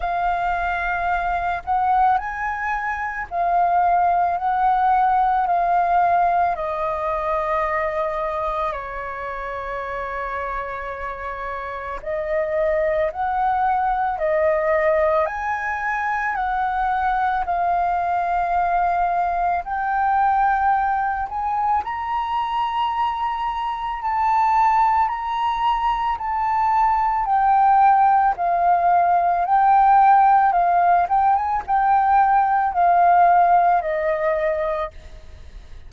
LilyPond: \new Staff \with { instrumentName = "flute" } { \time 4/4 \tempo 4 = 55 f''4. fis''8 gis''4 f''4 | fis''4 f''4 dis''2 | cis''2. dis''4 | fis''4 dis''4 gis''4 fis''4 |
f''2 g''4. gis''8 | ais''2 a''4 ais''4 | a''4 g''4 f''4 g''4 | f''8 g''16 gis''16 g''4 f''4 dis''4 | }